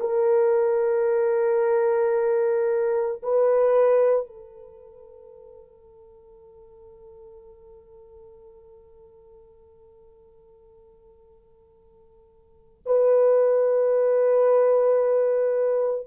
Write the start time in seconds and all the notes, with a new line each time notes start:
0.00 A#4
3.22 B4
4.26 A4
12.86 B4